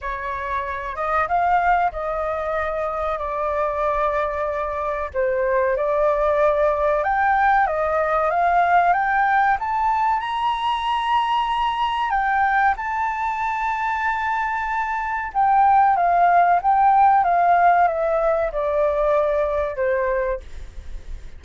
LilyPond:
\new Staff \with { instrumentName = "flute" } { \time 4/4 \tempo 4 = 94 cis''4. dis''8 f''4 dis''4~ | dis''4 d''2. | c''4 d''2 g''4 | dis''4 f''4 g''4 a''4 |
ais''2. g''4 | a''1 | g''4 f''4 g''4 f''4 | e''4 d''2 c''4 | }